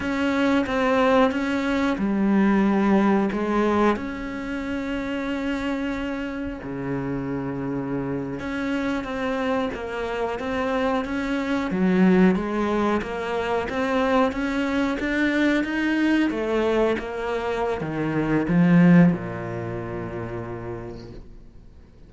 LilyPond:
\new Staff \with { instrumentName = "cello" } { \time 4/4 \tempo 4 = 91 cis'4 c'4 cis'4 g4~ | g4 gis4 cis'2~ | cis'2 cis2~ | cis8. cis'4 c'4 ais4 c'16~ |
c'8. cis'4 fis4 gis4 ais16~ | ais8. c'4 cis'4 d'4 dis'16~ | dis'8. a4 ais4~ ais16 dis4 | f4 ais,2. | }